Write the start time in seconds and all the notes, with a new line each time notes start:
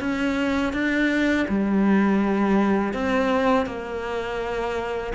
0.00 C#4
0.73 D4
1.48 G3
2.93 C4
3.66 A#3